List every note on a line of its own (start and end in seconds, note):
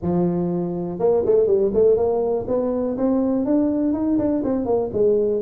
0.02 0.99 F3
0.99 1.23 A#3
1.25 1.46 A3
1.46 1.71 G3
1.73 1.96 A3
1.96 2.46 A#3
2.47 2.96 B3
2.97 3.45 C4
3.45 3.93 D4
3.93 4.17 D#4
4.18 4.42 D4
4.44 4.65 C4
4.65 4.90 A#3
4.92 5.41 G#3